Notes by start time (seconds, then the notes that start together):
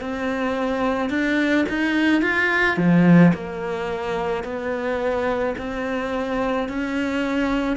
0.00 C4
1.10 D4
1.69 D#4
2.22 F4
2.77 F3
3.33 A#3
4.43 B3
5.58 C4
6.68 C#4